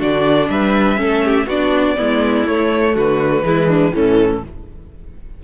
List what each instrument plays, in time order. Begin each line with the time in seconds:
0.00 cello D3, viola D4, violin F#4 D5
0.49 cello G3, violin B4 E5
0.96 cello A3, viola C#4, violin A4
1.25 violin G4
1.47 cello B3, viola D4, violin F#4 D5
1.97 cello G#3, viola B3, violin E4
2.47 viola A3, cello A3, violin C#5
2.94 cello D3, violin F#4 B4
3.43 cello E3, viola G#3, violin E4
3.68 violin D4
3.92 cello A2, viola E3, violin C#4 A4